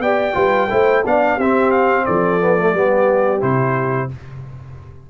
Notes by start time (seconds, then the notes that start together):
0.00 B3 G4 D5 G5
0.34 G3 F4 B4
0.70 A3 E4 C5
1.06 B3 D4 D5 F5
1.36 C4 G4 E5
1.42 C4
1.72 F5
2.06 F3 A4 D5
2.41 B3
2.58 A3
2.73 G3 B3 G4
3.41 C3 E4 C5